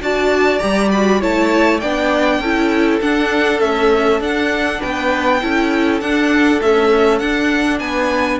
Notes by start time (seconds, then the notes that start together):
0.00 D4 F#4 D5 A5
0.59 G3 G4 A#5
0.91 F#4 B5
1.20 A3 E4 C#5 A5
1.79 B3 D4 D5 G5
2.39 C#4 E4 A4
3.01 D4 F#5
3.60 A3 C#4 E5
4.20 D4 F#5
4.80 B3 B4 G5
5.41 C#4 E4 A4
6.00 D4 F#5
6.60 A3 C#4 E5
7.18 D4 F#5
7.79 B3 B4 G#5